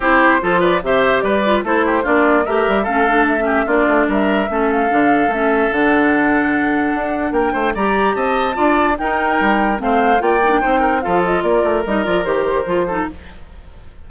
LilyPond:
<<
  \new Staff \with { instrumentName = "flute" } { \time 4/4 \tempo 4 = 147 c''4. d''8 e''4 d''4 | c''4 d''4 e''4 f''4 | e''4 d''4 e''4. f''8~ | f''4 e''4 fis''2~ |
fis''2 g''4 ais''4 | a''2 g''2 | f''4 g''2 f''8 dis''8 | d''4 dis''8 d''8 c''2 | }
  \new Staff \with { instrumentName = "oboe" } { \time 4/4 g'4 a'8 b'8 c''4 b'4 | a'8 g'8 f'4 ais'4 a'4~ | a'8 g'8 f'4 ais'4 a'4~ | a'1~ |
a'2 ais'8 c''8 d''4 | dis''4 d''4 ais'2 | c''4 d''4 c''8 ais'8 a'4 | ais'2.~ ais'8 a'8 | }
  \new Staff \with { instrumentName = "clarinet" } { \time 4/4 e'4 f'4 g'4. f'8 | e'4 d'4 g'4 cis'8 d'8~ | d'16 cis'8. d'2 cis'4 | d'4 cis'4 d'2~ |
d'2. g'4~ | g'4 f'4 dis'2 | c'4 f'8 dis'16 d'16 dis'4 f'4~ | f'4 dis'8 f'8 g'4 f'8 dis'8 | }
  \new Staff \with { instrumentName = "bassoon" } { \time 4/4 c'4 f4 c4 g4 | a4 ais4 a8 g8 a4~ | a4 ais8 a8 g4 a4 | d4 a4 d2~ |
d4 d'4 ais8 a8 g4 | c'4 d'4 dis'4 g4 | a4 ais4 c'4 f4 | ais8 a8 g8 f8 dis4 f4 | }
>>